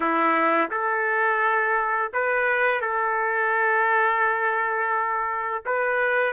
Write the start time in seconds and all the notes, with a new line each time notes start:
0.00 E4
0.71 A4
2.13 B4
2.81 A4
5.65 B4